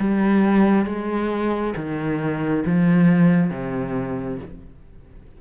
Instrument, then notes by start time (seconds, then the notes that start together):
cello
0.00 G3
0.86 G#3
1.76 D#3
2.66 F3
3.51 C3